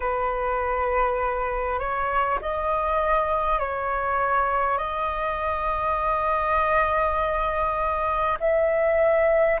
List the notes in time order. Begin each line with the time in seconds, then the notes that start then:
0.00 B4
1.79 C#5
2.41 D#5
3.59 C#5
4.78 D#5
8.39 E5